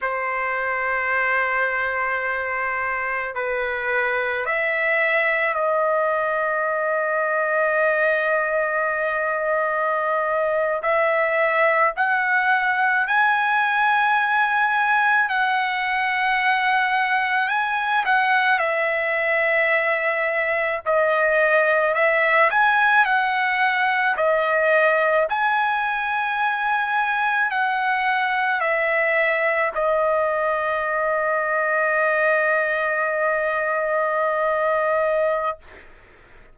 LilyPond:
\new Staff \with { instrumentName = "trumpet" } { \time 4/4 \tempo 4 = 54 c''2. b'4 | e''4 dis''2.~ | dis''4.~ dis''16 e''4 fis''4 gis''16~ | gis''4.~ gis''16 fis''2 gis''16~ |
gis''16 fis''8 e''2 dis''4 e''16~ | e''16 gis''8 fis''4 dis''4 gis''4~ gis''16~ | gis''8. fis''4 e''4 dis''4~ dis''16~ | dis''1 | }